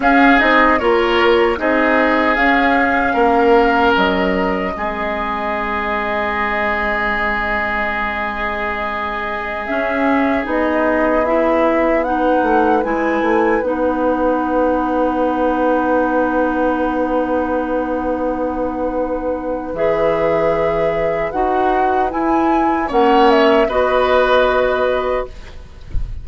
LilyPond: <<
  \new Staff \with { instrumentName = "flute" } { \time 4/4 \tempo 4 = 76 f''8 dis''8 cis''4 dis''4 f''4~ | f''4 dis''2.~ | dis''1~ | dis''16 e''4 dis''4 e''4 fis''8.~ |
fis''16 gis''4 fis''2~ fis''8.~ | fis''1~ | fis''4 e''2 fis''4 | gis''4 fis''8 e''8 dis''2 | }
  \new Staff \with { instrumentName = "oboe" } { \time 4/4 gis'4 ais'4 gis'2 | ais'2 gis'2~ | gis'1~ | gis'2.~ gis'16 b'8.~ |
b'1~ | b'1~ | b'1~ | b'4 cis''4 b'2 | }
  \new Staff \with { instrumentName = "clarinet" } { \time 4/4 cis'8 dis'8 f'4 dis'4 cis'4~ | cis'2 c'2~ | c'1~ | c'16 cis'4 dis'4 e'4 dis'8.~ |
dis'16 e'4 dis'2~ dis'8.~ | dis'1~ | dis'4 gis'2 fis'4 | e'4 cis'4 fis'2 | }
  \new Staff \with { instrumentName = "bassoon" } { \time 4/4 cis'8 c'8 ais4 c'4 cis'4 | ais4 fis4 gis2~ | gis1~ | gis16 cis'4 b2~ b8 a16~ |
a16 gis8 a8 b2~ b8.~ | b1~ | b4 e2 dis'4 | e'4 ais4 b2 | }
>>